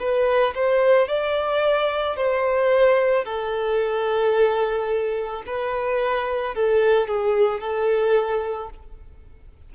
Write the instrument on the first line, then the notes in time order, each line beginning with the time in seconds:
violin
0.00 B4
0.55 C5
1.08 D5
2.17 C5
3.25 A4
5.47 B4
6.56 A4
7.08 G#4
7.61 A4